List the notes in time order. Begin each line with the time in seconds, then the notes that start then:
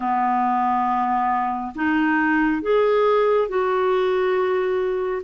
0.00 B3
1.75 D#4
2.62 G#4
3.48 F#4